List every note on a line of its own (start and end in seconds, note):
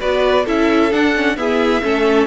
0.00 0.47 B3
0.00 0.46 F#4
0.00 0.45 B4
0.00 0.46 D5
0.45 0.93 C#4
0.45 0.91 E4
0.45 1.36 A4
0.45 0.93 E5
0.91 1.14 D4
0.91 1.38 D4
0.91 1.37 F#5
1.15 1.37 C#4
1.37 1.82 B3
1.37 1.83 E4
1.37 1.84 G#4
1.37 2.27 E5
1.83 2.27 A3
1.83 2.27 C#4
1.83 2.27 A4